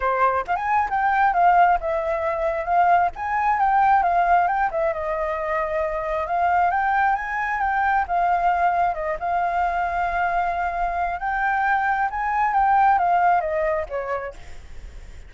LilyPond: \new Staff \with { instrumentName = "flute" } { \time 4/4 \tempo 4 = 134 c''4 f''16 gis''8. g''4 f''4 | e''2 f''4 gis''4 | g''4 f''4 g''8 e''8 dis''4~ | dis''2 f''4 g''4 |
gis''4 g''4 f''2 | dis''8 f''2.~ f''8~ | f''4 g''2 gis''4 | g''4 f''4 dis''4 cis''4 | }